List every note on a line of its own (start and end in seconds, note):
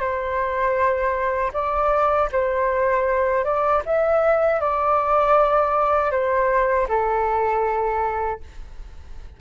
0.00 1.52 C5
1.53 2.29 D5
2.32 3.45 C5
3.45 3.83 D5
3.86 4.61 E5
4.61 6.11 D5
6.11 6.87 C5
6.89 8.41 A4